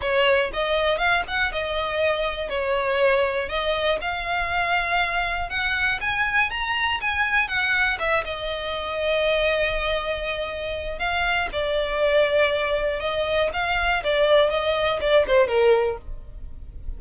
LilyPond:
\new Staff \with { instrumentName = "violin" } { \time 4/4 \tempo 4 = 120 cis''4 dis''4 f''8 fis''8 dis''4~ | dis''4 cis''2 dis''4 | f''2. fis''4 | gis''4 ais''4 gis''4 fis''4 |
e''8 dis''2.~ dis''8~ | dis''2 f''4 d''4~ | d''2 dis''4 f''4 | d''4 dis''4 d''8 c''8 ais'4 | }